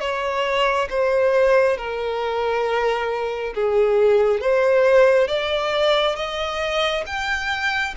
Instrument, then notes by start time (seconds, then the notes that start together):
violin
0.00 C#5
0.90 C5
1.77 A#4
3.55 G#4
4.40 C5
5.28 D5
6.16 D#5
7.06 G5